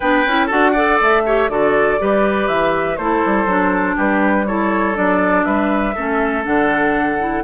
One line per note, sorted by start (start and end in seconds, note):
0.00 0.26 B3
0.00 0.27 D4
0.00 0.46 B4
0.00 0.48 G5
0.26 0.50 C#4
0.26 0.49 E4
0.46 1.00 D4
0.46 0.74 F#4
0.46 0.71 A4
0.46 0.99 F#5
0.73 1.24 A4
0.73 1.22 D5
1.00 1.49 A3
1.00 1.49 E5
1.25 1.49 G4
1.25 1.50 C#5
1.49 1.98 D3
1.49 1.98 F#4
1.49 2.00 A4
1.49 2.48 D5
1.98 2.48 G3
1.98 2.97 G4
1.98 2.98 B4
2.48 2.97 E3
2.48 2.96 E5
2.96 3.22 A3
2.96 3.47 E4
2.96 3.96 A4
2.96 3.95 C5
3.25 3.46 G3
3.46 3.95 F#3
3.46 4.46 D4
3.96 4.97 G3
3.96 4.45 G4
3.96 4.46 B4
4.46 4.94 E4
4.46 5.45 A4
4.46 4.96 C#5
4.94 5.45 F#3
4.94 5.93 D4
4.94 5.45 D5
5.45 5.95 G3
5.45 5.94 B4
5.45 6.44 E5
5.94 6.46 A3
5.94 6.43 C#4
5.94 7.43 A4
6.43 7.43 D3
6.43 7.17 D4
6.43 7.43 F#5
7.18 7.43 E4